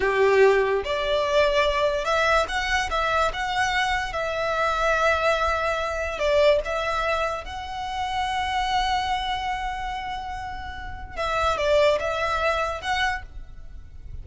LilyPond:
\new Staff \with { instrumentName = "violin" } { \time 4/4 \tempo 4 = 145 g'2 d''2~ | d''4 e''4 fis''4 e''4 | fis''2 e''2~ | e''2. d''4 |
e''2 fis''2~ | fis''1~ | fis''2. e''4 | d''4 e''2 fis''4 | }